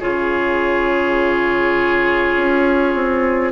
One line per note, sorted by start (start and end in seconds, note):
0.00 2.37 C#3
0.00 3.52 F4
0.00 3.52 G#4
0.00 3.52 C#5
2.37 2.95 C#4
2.95 3.52 C4